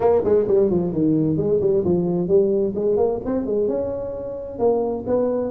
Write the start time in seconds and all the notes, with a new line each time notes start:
0.00 A#3
0.24 G#3
0.47 G3
0.70 F3
0.92 D#3
1.37 G#3
1.61 G3
1.84 F3
2.28 G3
2.75 G#3
2.96 A#3
3.25 C4
3.46 G#3
3.68 C#4
4.58 A#3
5.06 B3